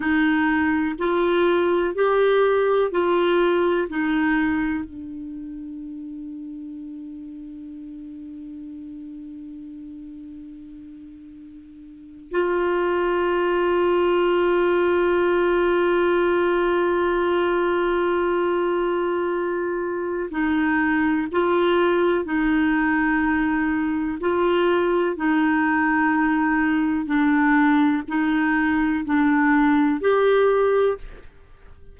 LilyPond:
\new Staff \with { instrumentName = "clarinet" } { \time 4/4 \tempo 4 = 62 dis'4 f'4 g'4 f'4 | dis'4 d'2.~ | d'1~ | d'8. f'2.~ f'16~ |
f'1~ | f'4 dis'4 f'4 dis'4~ | dis'4 f'4 dis'2 | d'4 dis'4 d'4 g'4 | }